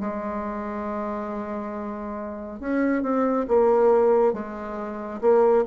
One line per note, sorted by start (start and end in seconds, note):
0.00 2.60 G#3
2.60 3.02 C#4
3.02 3.46 C4
3.47 4.33 A#3
4.33 5.20 G#3
5.21 5.64 A#3